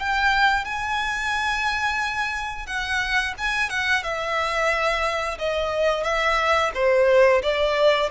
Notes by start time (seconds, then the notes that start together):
0.00 G5
0.65 G#5
2.67 F#5
3.39 G#5
3.70 F#5
4.04 E5
5.39 D#5
6.04 E5
6.75 C5
7.43 D5